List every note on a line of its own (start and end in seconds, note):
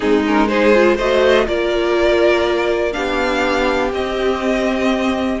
0.00 0.98 G#3
0.00 0.24 C4
0.00 0.49 D#4
0.00 0.23 G#4
0.25 0.49 C#4
0.25 0.48 A#4
0.48 0.73 D#4
0.48 0.95 G#4
0.48 0.97 C5
0.73 0.98 F4
0.95 1.47 A3
0.95 1.46 F#4
0.95 1.44 C5
0.95 1.47 D#5
1.46 2.95 A#3
1.46 2.92 F4
1.46 2.94 A#4
1.46 2.93 D5
2.92 3.92 B3
2.92 3.90 D4
2.92 5.40 G4
2.92 3.91 F5
3.92 5.40 C4
3.92 5.40 D#5